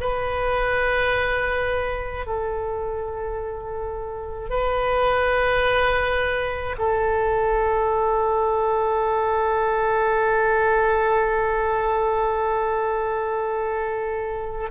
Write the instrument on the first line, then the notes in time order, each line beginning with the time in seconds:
oboe
0.00 B4
2.26 A4
4.50 B4
6.78 A4